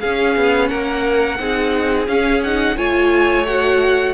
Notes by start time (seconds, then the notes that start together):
0.00 C#4 G#4 F5
0.36 B3
0.68 A#3 A#4 F#5
1.39 C4 D#4 G#4
2.08 C#4 F5
2.43 D#4 F#5
2.76 A3 F4 C#5 G#5
3.46 F#4 F#5